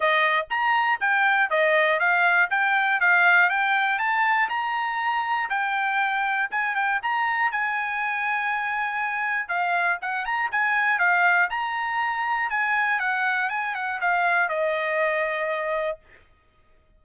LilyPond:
\new Staff \with { instrumentName = "trumpet" } { \time 4/4 \tempo 4 = 120 dis''4 ais''4 g''4 dis''4 | f''4 g''4 f''4 g''4 | a''4 ais''2 g''4~ | g''4 gis''8 g''8 ais''4 gis''4~ |
gis''2. f''4 | fis''8 ais''8 gis''4 f''4 ais''4~ | ais''4 gis''4 fis''4 gis''8 fis''8 | f''4 dis''2. | }